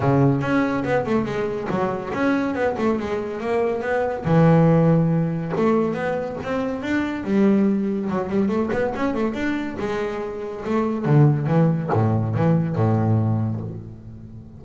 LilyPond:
\new Staff \with { instrumentName = "double bass" } { \time 4/4 \tempo 4 = 141 cis4 cis'4 b8 a8 gis4 | fis4 cis'4 b8 a8 gis4 | ais4 b4 e2~ | e4 a4 b4 c'4 |
d'4 g2 fis8 g8 | a8 b8 cis'8 a8 d'4 gis4~ | gis4 a4 d4 e4 | a,4 e4 a,2 | }